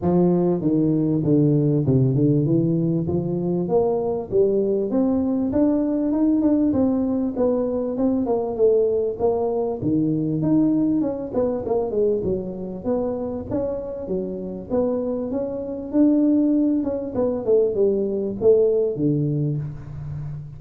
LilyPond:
\new Staff \with { instrumentName = "tuba" } { \time 4/4 \tempo 4 = 98 f4 dis4 d4 c8 d8 | e4 f4 ais4 g4 | c'4 d'4 dis'8 d'8 c'4 | b4 c'8 ais8 a4 ais4 |
dis4 dis'4 cis'8 b8 ais8 gis8 | fis4 b4 cis'4 fis4 | b4 cis'4 d'4. cis'8 | b8 a8 g4 a4 d4 | }